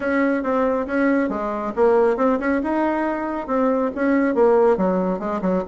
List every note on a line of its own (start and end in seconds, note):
0.00 0.43 C#4
0.43 0.86 C4
0.86 1.29 C#4
1.29 1.73 G#3
1.75 2.17 A#3
2.17 2.38 C4
2.39 2.61 C#4
2.63 3.47 D#4
3.47 3.90 C4
3.95 4.35 C#4
4.35 4.77 A#3
4.77 5.19 F#3
5.19 5.41 G#3
5.41 5.63 F#3